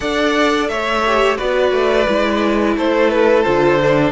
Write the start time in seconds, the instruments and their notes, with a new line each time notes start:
0.00 cello D4, viola A4, violin D5 F#5
0.68 cello A3, violin C#5 E5
1.05 viola G4
1.37 cello B3, viola F#4, violin B4 D5
1.72 cello A3
2.08 cello G#3, viola E4
2.76 cello A3, violin A4 C5
3.10 violin B4
3.42 cello D3, viola F4, violin C5
3.81 viola D4